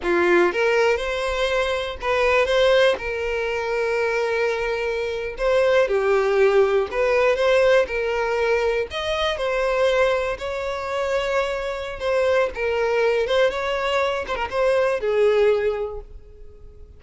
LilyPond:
\new Staff \with { instrumentName = "violin" } { \time 4/4 \tempo 4 = 120 f'4 ais'4 c''2 | b'4 c''4 ais'2~ | ais'2~ ais'8. c''4 g'16~ | g'4.~ g'16 b'4 c''4 ais'16~ |
ais'4.~ ais'16 dis''4 c''4~ c''16~ | c''8. cis''2.~ cis''16 | c''4 ais'4. c''8 cis''4~ | cis''8 c''16 ais'16 c''4 gis'2 | }